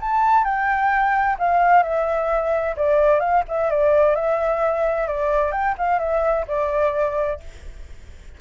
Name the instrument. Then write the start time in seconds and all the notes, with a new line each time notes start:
flute
0.00 A5
0.44 G5
1.38 F5
1.83 E5
2.76 D5
3.20 F5
3.48 E5
3.70 D5
4.15 E5
5.07 D5
5.52 G5
5.78 F5
5.99 E5
6.47 D5